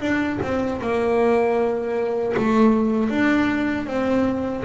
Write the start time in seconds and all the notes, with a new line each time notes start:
0.00 D4
0.42 C4
0.81 A#3
2.36 A3
3.09 D4
3.86 C4